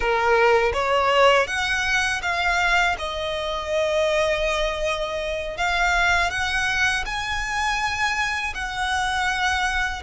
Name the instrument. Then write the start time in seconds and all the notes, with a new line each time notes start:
violin
0.00 A#4
0.73 C#5
1.47 F#5
2.22 F5
2.98 D#5
5.57 F5
6.30 F#5
7.05 G#5
8.54 F#5